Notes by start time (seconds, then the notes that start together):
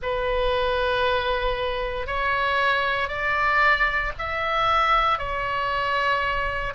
0.02 B4
2.06 C#5
3.08 D5
4.18 E5
5.18 C#5